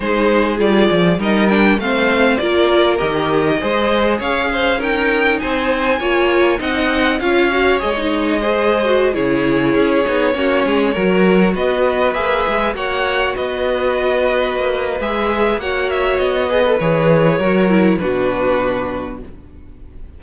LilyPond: <<
  \new Staff \with { instrumentName = "violin" } { \time 4/4 \tempo 4 = 100 c''4 d''4 dis''8 g''8 f''4 | d''4 dis''2 f''4 | g''4 gis''2 fis''4 | f''4 dis''2~ dis''16 cis''8.~ |
cis''2.~ cis''16 dis''8.~ | dis''16 e''4 fis''4 dis''4.~ dis''16~ | dis''4 e''4 fis''8 e''8 dis''4 | cis''2 b'2 | }
  \new Staff \with { instrumentName = "violin" } { \time 4/4 gis'2 ais'4 c''4 | ais'2 c''4 cis''8 c''8 | ais'4 c''4 cis''4 dis''4 | cis''2 c''4~ c''16 gis'8.~ |
gis'4~ gis'16 fis'8 gis'8 ais'4 b'8.~ | b'4~ b'16 cis''4 b'4.~ b'16~ | b'2 cis''4. b'8~ | b'4 ais'4 fis'2 | }
  \new Staff \with { instrumentName = "viola" } { \time 4/4 dis'4 f'4 dis'8 d'8 c'4 | f'4 g'4 gis'2 | dis'2 f'4 dis'4 | f'8 fis'8 gis'16 dis'8. gis'8. fis'8 e'8.~ |
e'8. dis'8 cis'4 fis'4.~ fis'16~ | fis'16 gis'4 fis'2~ fis'8.~ | fis'4 gis'4 fis'4. gis'16 a'16 | gis'4 fis'8 e'8 d'2 | }
  \new Staff \with { instrumentName = "cello" } { \time 4/4 gis4 g8 f8 g4 a4 | ais4 dis4 gis4 cis'4~ | cis'4 c'4 ais4 c'4 | cis'4 gis2~ gis16 cis8.~ |
cis16 cis'8 b8 ais8 gis8 fis4 b8.~ | b16 ais8 gis8 ais4 b4.~ b16~ | b16 ais8. gis4 ais4 b4 | e4 fis4 b,2 | }
>>